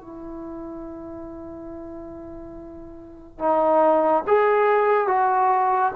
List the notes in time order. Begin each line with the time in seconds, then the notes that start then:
0.00 E4
3.38 D#4
4.27 G#4
5.07 F#4